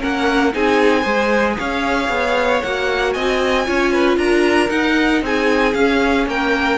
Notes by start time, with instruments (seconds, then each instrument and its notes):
0.00 cello A#3, viola C#4, violin A#4 F#5
0.54 cello C4, viola D#4, violin G#4 G#5
1.02 cello G#3, viola G#4, violin C5
1.59 cello C#4, violin C#5 F5
2.09 cello B3
2.63 cello A#3, viola F#4, violin F#5
3.13 cello C4, violin D#5 G#5
3.66 cello C#4, viola F4, violin C#5
3.93 violin B4
4.18 cello D4, violin A#4 A#5
4.69 viola D#4, cello D#4, violin F#5
5.22 cello C4, violin G#4 G#5
5.74 viola C#4, cello C#4, violin F5
6.27 cello A#3, violin A#4 G5